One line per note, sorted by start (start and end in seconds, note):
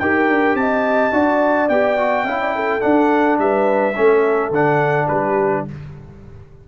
0.00 0.29 D#4
0.00 1.12 G4
0.00 0.59 A#4
0.00 0.56 G5
0.29 0.55 D4
0.55 1.11 C4
0.55 1.15 D#5
0.55 1.69 A5
1.12 1.69 D4
1.12 1.69 F#4
1.12 2.25 D5
1.69 2.25 B3
1.69 1.99 G4
1.69 2.81 G5
1.99 2.27 F#4
2.25 2.81 C#4
2.25 2.81 E4
2.25 2.39 F5
2.41 2.55 D5
2.56 3.41 A4
2.81 3.94 D4
2.81 3.39 D4
2.81 3.38 F#5
3.39 3.95 G3
3.39 3.97 B4
3.39 4.53 E5
3.96 4.51 A3
3.96 4.53 C#4
3.96 5.08 A4
4.51 5.07 D3
4.51 5.68 D4
4.51 5.08 F#5
5.08 5.66 G3
5.08 5.65 G4
5.08 5.65 B4